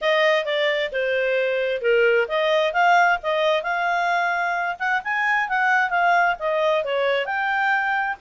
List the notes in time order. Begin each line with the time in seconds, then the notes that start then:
0.01 D#5
0.45 D5
0.92 C5
1.81 A#4
2.28 D#5
2.73 F5
3.23 D#5
3.62 F5
4.79 F#5
5.03 G#5
5.48 F#5
5.90 F5
6.39 D#5
6.84 C#5
7.25 G5